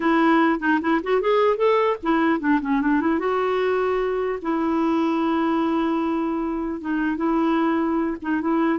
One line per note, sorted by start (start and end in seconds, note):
0.00 0.59 E4
0.59 0.79 D#4
0.81 1.01 E4
1.03 1.21 F#4
1.21 1.56 G#4
1.56 1.96 A4
2.02 2.39 E4
2.39 2.59 D4
2.61 2.81 C#4
2.81 3.00 D4
3.00 3.19 E4
3.19 4.39 F#4
4.41 6.80 E4
6.80 7.17 D#4
7.17 8.17 E4
8.22 8.41 D#4
8.41 8.79 E4